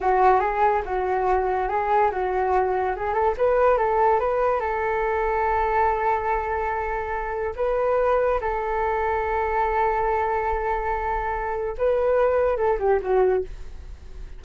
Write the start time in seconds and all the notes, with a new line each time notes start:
0.00 F#4
0.40 G#4
0.85 F#4
1.68 G#4
2.11 F#4
2.96 G#4
3.13 A4
3.37 B4
3.77 A4
4.19 B4
4.60 A4
7.56 B4
8.40 A4
11.77 B4
12.57 A4
12.79 G4
13.02 F#4